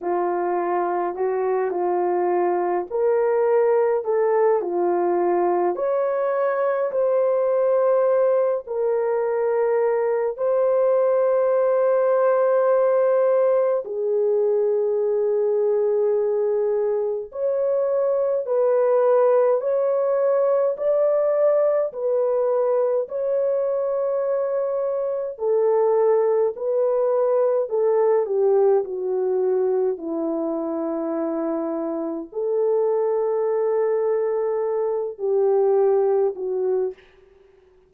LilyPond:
\new Staff \with { instrumentName = "horn" } { \time 4/4 \tempo 4 = 52 f'4 fis'8 f'4 ais'4 a'8 | f'4 cis''4 c''4. ais'8~ | ais'4 c''2. | gis'2. cis''4 |
b'4 cis''4 d''4 b'4 | cis''2 a'4 b'4 | a'8 g'8 fis'4 e'2 | a'2~ a'8 g'4 fis'8 | }